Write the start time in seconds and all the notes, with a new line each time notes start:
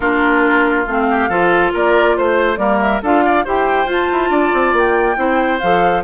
0.00 A#3 D4 F4 A#4
0.86 A3 C4 F5
1.10 G4
1.28 F3 F4 A4
1.73 A#3 A#4 D5
2.17 A3 C5
2.57 G3 A#3 A#4 D5
2.80 E5
3.02 D4 F4 A4 F5
3.25 D5
3.44 E4 G4 C5 G5
3.86 F4 A5
4.12 E4
4.29 D4 D5
4.53 C4
4.73 A#3 G5
5.16 C4 E4 C5
5.59 F3 A4 F5